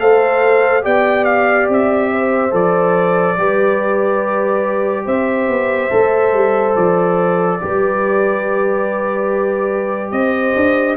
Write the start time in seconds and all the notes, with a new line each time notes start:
0.00 A3 A4 C5 F5
0.82 B3 G4 D5 G5
1.25 F5
1.69 C4 E5
2.12 C5
2.51 F3 A4 D5
3.37 G3 G4 B4
5.05 C4 C5 E5
5.49 B3
5.90 A3 A4
6.33 G3
6.76 F3 D5
7.61 G3 G4 B4
10.12 C4 C5 D#5
10.56 D4